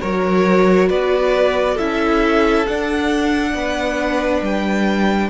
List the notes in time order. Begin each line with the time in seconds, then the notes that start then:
0.00 F#3 F#4 A#4 C#5
0.89 B3 B4 D5
1.74 C#4 E4 A4 E5
2.66 D4 F#5
3.54 B3 B4
4.41 G3 G5